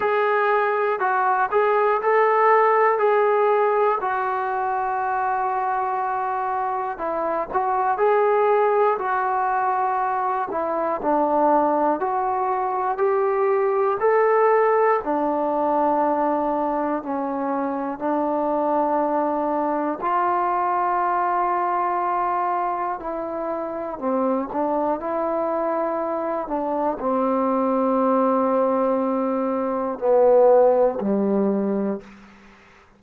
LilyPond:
\new Staff \with { instrumentName = "trombone" } { \time 4/4 \tempo 4 = 60 gis'4 fis'8 gis'8 a'4 gis'4 | fis'2. e'8 fis'8 | gis'4 fis'4. e'8 d'4 | fis'4 g'4 a'4 d'4~ |
d'4 cis'4 d'2 | f'2. e'4 | c'8 d'8 e'4. d'8 c'4~ | c'2 b4 g4 | }